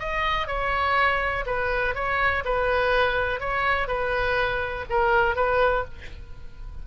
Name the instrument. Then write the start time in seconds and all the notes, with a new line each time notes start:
oboe
0.00 D#5
0.47 C#5
1.46 B4
1.95 C#5
2.45 B4
3.40 C#5
3.88 B4
4.90 A#4
5.36 B4